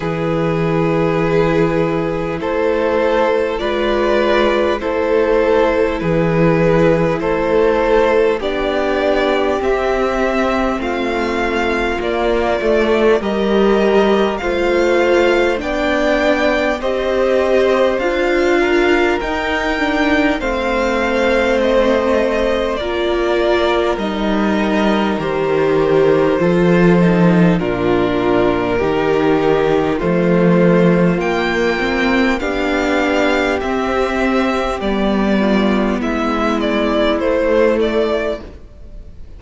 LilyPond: <<
  \new Staff \with { instrumentName = "violin" } { \time 4/4 \tempo 4 = 50 b'2 c''4 d''4 | c''4 b'4 c''4 d''4 | e''4 f''4 d''4 dis''4 | f''4 g''4 dis''4 f''4 |
g''4 f''4 dis''4 d''4 | dis''4 c''2 ais'4~ | ais'4 c''4 g''4 f''4 | e''4 d''4 e''8 d''8 c''8 d''8 | }
  \new Staff \with { instrumentName = "violin" } { \time 4/4 gis'2 a'4 b'4 | a'4 gis'4 a'4 g'4~ | g'4 f'2 ais'4 | c''4 d''4 c''4. ais'8~ |
ais'4 c''2 ais'4~ | ais'2 a'4 f'4 | g'4 f'2 g'4~ | g'4. f'8 e'2 | }
  \new Staff \with { instrumentName = "viola" } { \time 4/4 e'2. f'4 | e'2. d'4 | c'2 ais8 a8 g'4 | f'4 d'4 g'4 f'4 |
dis'8 d'8 c'2 f'4 | dis'4 g'4 f'8 dis'8 d'4 | dis'4 a4 ais8 c'8 d'4 | c'4 b2 a4 | }
  \new Staff \with { instrumentName = "cello" } { \time 4/4 e2 a4 gis4 | a4 e4 a4 b4 | c'4 a4 ais8 a8 g4 | a4 b4 c'4 d'4 |
dis'4 a2 ais4 | g4 dis4 f4 ais,4 | dis4 f4 ais4 b4 | c'4 g4 gis4 a4 | }
>>